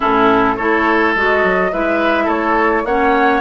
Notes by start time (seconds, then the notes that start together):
0.00 A2 C#4 E4 A4
0.56 A3 E4 A4 C#5
1.15 G#3 F#4 D#5
1.43 F#3
1.71 G#3 E4 B4 E5
2.24 A3 A4 C#5
2.84 A#3 C#4 C#5 F#5